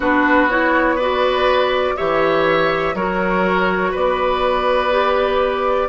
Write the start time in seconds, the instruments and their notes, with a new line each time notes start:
0.00 bassoon B3, clarinet D4, oboe F#4, flute B4
0.49 clarinet E4, flute C#5
0.95 clarinet F#4, oboe B4, flute D5
1.96 bassoon E3, clarinet G4, oboe C#5, flute E5
2.93 bassoon F#3, clarinet F#4, oboe A#4, flute C#5
3.91 bassoon B3, oboe B4, flute D5
4.91 clarinet G4